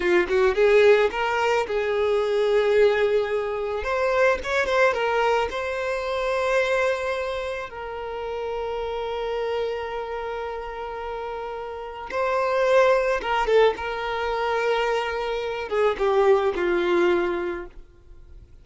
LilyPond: \new Staff \with { instrumentName = "violin" } { \time 4/4 \tempo 4 = 109 f'8 fis'8 gis'4 ais'4 gis'4~ | gis'2. c''4 | cis''8 c''8 ais'4 c''2~ | c''2 ais'2~ |
ais'1~ | ais'2 c''2 | ais'8 a'8 ais'2.~ | ais'8 gis'8 g'4 f'2 | }